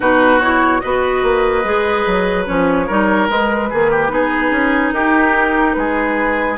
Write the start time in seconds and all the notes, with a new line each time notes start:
0.00 B2 D#4 F#4 B4
0.39 E4 C#5
0.80 B3 F#4 B4 D#5
1.22 A#3
1.64 G#3 G#4
2.06 F#3
2.45 F3 C#4 C#5
2.86 G3 D#4 A#4
3.28 G#3 B4
3.70 D#3 A#3 G#4
3.90 G4
4.09 B3 D#4 G#4
4.50 C#4
4.92 D#4 G4 A#4
5.73 G#3 G#4 B4